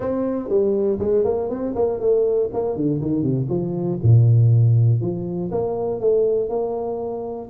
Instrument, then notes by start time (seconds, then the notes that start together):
tuba
0.00 C4
0.48 G3
0.99 G#3
1.24 A#3
1.49 C4
1.75 A#3
2.00 A3
2.53 A#3
2.75 D3
3.01 D#3
3.22 C3
3.49 F3
4.02 A#2
5.00 F3
5.51 A#3
6.00 A3
6.49 A#3